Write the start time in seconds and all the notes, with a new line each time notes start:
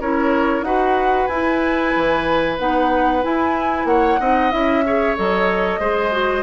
0.00 C#4 E4 A#4 C#5
0.61 D#4 F#4 B4 F#5
1.27 E4 G#5
1.96 E3
2.59 B3 D#4 F#5
3.23 E4 G#5
3.85 A#3 C#5 F#5
4.20 C4 D#4 D#5
4.51 C#4 E4 E5
4.86 G#4 C#5
5.17 F#3 A4 D#5
5.79 G#3 G#4 C5
6.12 F#4